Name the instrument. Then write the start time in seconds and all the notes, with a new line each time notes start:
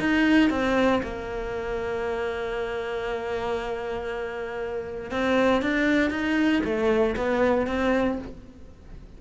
cello
0.00 D#4
0.51 C4
1.03 A#3
5.11 C4
5.62 D4
6.11 D#4
6.65 A3
7.17 B3
7.67 C4